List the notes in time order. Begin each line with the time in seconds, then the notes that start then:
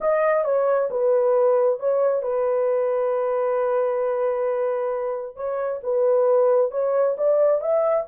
0.01 D#5
0.44 C#5
0.90 B4
1.79 C#5
2.22 B4
5.35 C#5
5.83 B4
6.71 C#5
7.17 D5
7.61 E5